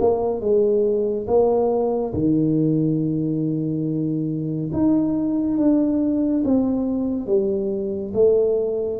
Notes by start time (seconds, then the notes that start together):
0.00 A#3
0.41 G#3
1.27 A#3
2.14 D#3
4.73 D#4
5.58 D4
6.44 C4
7.26 G3
8.14 A3